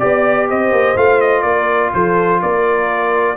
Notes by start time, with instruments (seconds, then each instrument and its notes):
0.00 tuba B3, trombone G4, horn D5, trumpet D5
0.49 tuba C4, horn C5, trumpet D#5
0.72 tuba A#3
0.96 tuba A3, trombone F4, trumpet F5
1.21 trumpet D#5
1.42 tuba A#3, horn A#4, trumpet D5
1.94 tuba F3, horn A4, trumpet C5
2.42 tuba A#3, horn A#4, trumpet D5